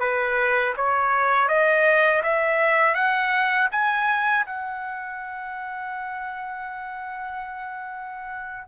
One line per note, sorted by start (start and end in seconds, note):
0.00 0.74 B4
0.77 1.49 C#5
1.49 2.23 D#5
2.24 2.95 E5
2.95 3.69 F#5
3.72 4.46 G#5
4.46 8.68 F#5